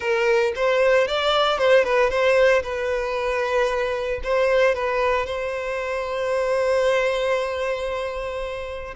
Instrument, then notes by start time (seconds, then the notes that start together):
violin
0.00 A#4
0.55 C5
1.07 D5
1.58 C5
1.83 B4
2.09 C5
2.62 B4
4.23 C5
4.74 B4
5.26 C5